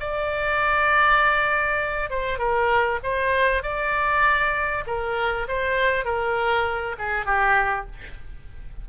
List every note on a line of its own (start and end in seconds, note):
0.00 2.10 D5
2.10 2.39 C5
2.39 2.99 A#4
3.03 3.63 C5
3.63 4.84 D5
4.87 5.47 A#4
5.48 6.05 C5
6.05 6.96 A#4
6.99 7.26 G#4
7.26 7.86 G4